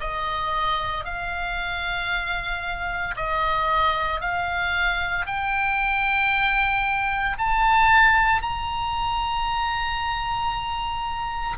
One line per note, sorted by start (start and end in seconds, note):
0.00 1.05 D#5
1.05 3.15 F5
3.16 4.21 D#5
4.21 5.26 F5
5.26 7.37 G5
7.38 8.42 A5
8.42 11.57 A#5